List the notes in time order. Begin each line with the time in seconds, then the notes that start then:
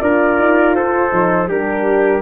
0.00 D4 F4 A#4 D5
0.39 D#4
0.75 F4 A4 C5
1.10 F3 D#4
1.48 G3 D4 G4 A#4